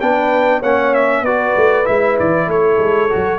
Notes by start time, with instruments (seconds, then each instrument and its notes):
0.00 tuba B3, trombone D4, horn B4, trumpet G5
0.60 tuba A#3, trombone C#4, horn C#5, trumpet F#5
0.94 trumpet E5
1.22 tuba B3, trombone F#4, horn B4, trumpet D5
1.56 tuba A3
1.85 tuba G#3, trombone E4, trumpet E5
2.19 tuba E3, trumpet D5
2.47 tuba A3, horn A4, trumpet C#5
2.78 tuba G#3
3.10 tuba F#3, trombone F#4